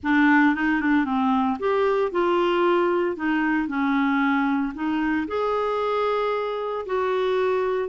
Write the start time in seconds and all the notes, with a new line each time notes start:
0.03 D4
0.55 D#4
0.80 D4
1.05 C4
1.59 G4
2.11 F4
3.16 D#4
3.67 C#4
4.74 D#4
5.27 G#4
6.86 F#4